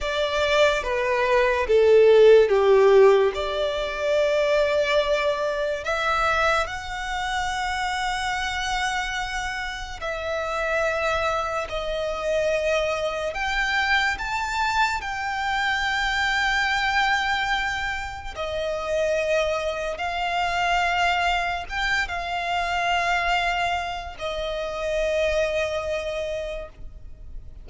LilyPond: \new Staff \with { instrumentName = "violin" } { \time 4/4 \tempo 4 = 72 d''4 b'4 a'4 g'4 | d''2. e''4 | fis''1 | e''2 dis''2 |
g''4 a''4 g''2~ | g''2 dis''2 | f''2 g''8 f''4.~ | f''4 dis''2. | }